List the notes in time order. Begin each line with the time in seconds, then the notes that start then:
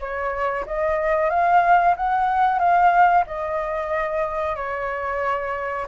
0.00 C#5
0.67 D#5
1.30 F5
1.97 F#5
2.59 F5
3.27 D#5
4.56 C#5